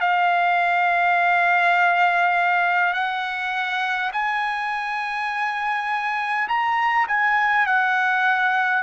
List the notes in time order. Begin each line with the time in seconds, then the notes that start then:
0.00 F5
2.93 F#5
4.12 G#5
6.48 A#5
7.07 G#5
7.66 F#5